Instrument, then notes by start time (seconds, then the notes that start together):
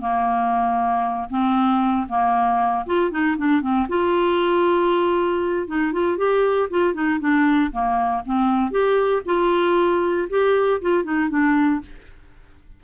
clarinet
0.00 A#3
1.30 C4
2.08 A#3
2.86 F4
3.10 D#4
3.37 D4
3.61 C4
3.88 F4
5.67 D#4
5.92 F4
6.17 G4
6.70 F4
6.93 D#4
7.19 D4
7.71 A#3
8.25 C4
8.71 G4
9.25 F4
10.29 G4
10.81 F4
11.03 D#4
11.29 D4